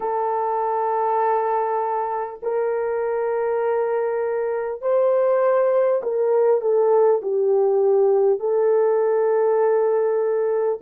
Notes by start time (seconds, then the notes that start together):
0.00 A4
2.42 A#4
4.81 C5
6.02 A#4
6.61 A4
7.22 G4
8.39 A4